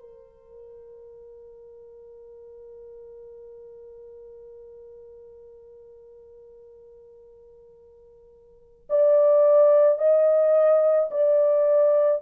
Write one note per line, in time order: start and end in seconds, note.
0.00 8.89 A#4
8.90 9.99 D5
9.99 11.10 D#5
11.11 12.22 D5